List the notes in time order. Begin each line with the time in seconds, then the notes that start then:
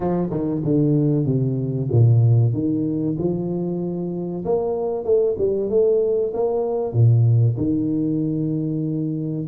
0.00 F3
0.30 D#3
0.63 D3
1.25 C3
1.91 A#2
2.53 D#3
3.18 F3
4.44 A#3
5.04 A3
5.37 G3
5.69 A3
6.33 A#3
6.92 A#2
7.57 D#3